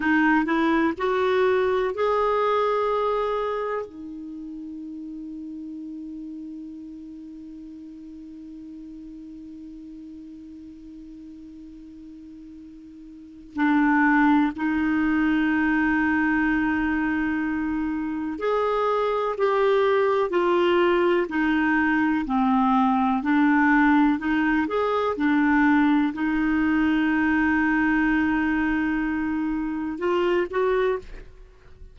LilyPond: \new Staff \with { instrumentName = "clarinet" } { \time 4/4 \tempo 4 = 62 dis'8 e'8 fis'4 gis'2 | dis'1~ | dis'1~ | dis'2 d'4 dis'4~ |
dis'2. gis'4 | g'4 f'4 dis'4 c'4 | d'4 dis'8 gis'8 d'4 dis'4~ | dis'2. f'8 fis'8 | }